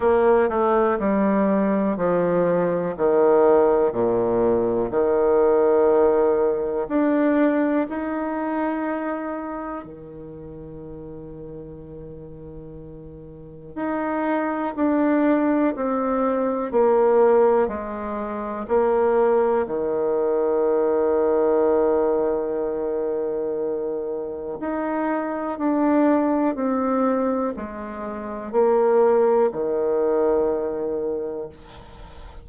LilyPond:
\new Staff \with { instrumentName = "bassoon" } { \time 4/4 \tempo 4 = 61 ais8 a8 g4 f4 dis4 | ais,4 dis2 d'4 | dis'2 dis2~ | dis2 dis'4 d'4 |
c'4 ais4 gis4 ais4 | dis1~ | dis4 dis'4 d'4 c'4 | gis4 ais4 dis2 | }